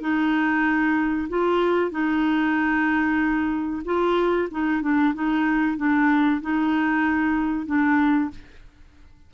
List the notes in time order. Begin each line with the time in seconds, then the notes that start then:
0.00 D#4
1.29 F4
1.91 D#4
3.84 F4
4.50 D#4
4.81 D4
5.14 D#4
5.77 D4
6.41 D#4
7.66 D4